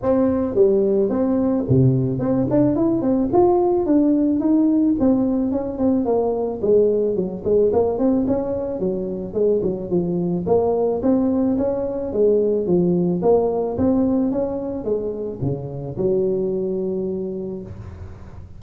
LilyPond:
\new Staff \with { instrumentName = "tuba" } { \time 4/4 \tempo 4 = 109 c'4 g4 c'4 c4 | c'8 d'8 e'8 c'8 f'4 d'4 | dis'4 c'4 cis'8 c'8 ais4 | gis4 fis8 gis8 ais8 c'8 cis'4 |
fis4 gis8 fis8 f4 ais4 | c'4 cis'4 gis4 f4 | ais4 c'4 cis'4 gis4 | cis4 fis2. | }